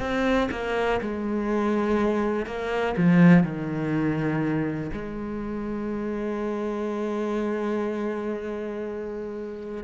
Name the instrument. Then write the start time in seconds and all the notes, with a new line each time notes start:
cello
0.00 C4
0.51 A#3
1.01 G#3
2.46 A#3
2.97 F3
3.44 D#3
4.93 G#3